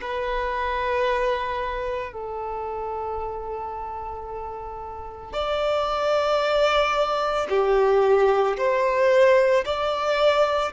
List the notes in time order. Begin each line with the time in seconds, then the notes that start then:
0.00 B4
2.12 A4
5.33 D5
7.49 G4
8.57 C5
9.65 D5